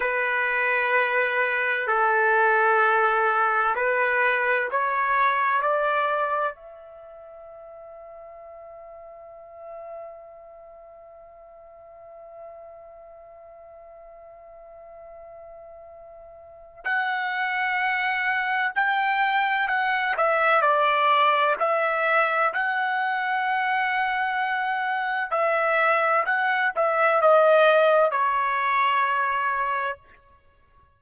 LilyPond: \new Staff \with { instrumentName = "trumpet" } { \time 4/4 \tempo 4 = 64 b'2 a'2 | b'4 cis''4 d''4 e''4~ | e''1~ | e''1~ |
e''2 fis''2 | g''4 fis''8 e''8 d''4 e''4 | fis''2. e''4 | fis''8 e''8 dis''4 cis''2 | }